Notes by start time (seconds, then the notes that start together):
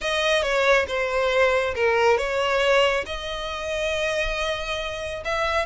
0.01 D#5
0.42 C#5
0.87 C5
1.75 A#4
2.17 C#5
3.06 D#5
5.24 E5